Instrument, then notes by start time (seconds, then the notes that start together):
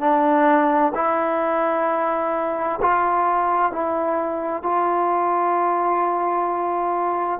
trombone
0.00 D4
0.95 E4
2.82 F4
3.72 E4
4.63 F4